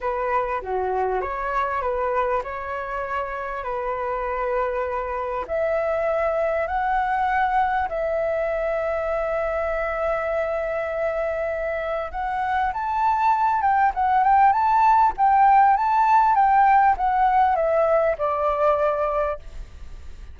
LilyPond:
\new Staff \with { instrumentName = "flute" } { \time 4/4 \tempo 4 = 99 b'4 fis'4 cis''4 b'4 | cis''2 b'2~ | b'4 e''2 fis''4~ | fis''4 e''2.~ |
e''1 | fis''4 a''4. g''8 fis''8 g''8 | a''4 g''4 a''4 g''4 | fis''4 e''4 d''2 | }